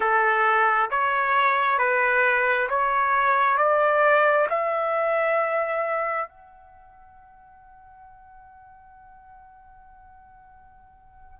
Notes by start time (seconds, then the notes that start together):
0.00 A4
0.90 C#5
1.78 B4
2.69 C#5
3.57 D5
4.49 E5
6.28 F#5